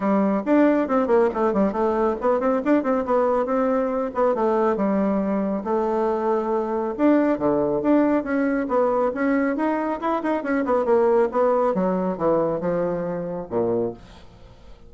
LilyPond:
\new Staff \with { instrumentName = "bassoon" } { \time 4/4 \tempo 4 = 138 g4 d'4 c'8 ais8 a8 g8 | a4 b8 c'8 d'8 c'8 b4 | c'4. b8 a4 g4~ | g4 a2. |
d'4 d4 d'4 cis'4 | b4 cis'4 dis'4 e'8 dis'8 | cis'8 b8 ais4 b4 fis4 | e4 f2 ais,4 | }